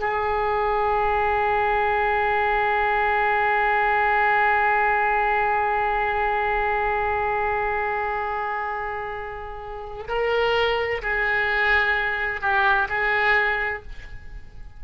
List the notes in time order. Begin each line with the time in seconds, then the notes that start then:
0.00 G#4
10.08 A#4
11.02 G#4
12.42 G4
12.89 G#4